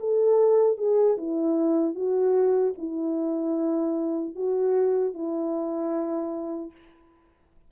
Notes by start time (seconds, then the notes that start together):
0.00 A4
0.78 G#4
1.17 E4
1.95 F#4
2.78 E4
4.36 F#4
5.14 E4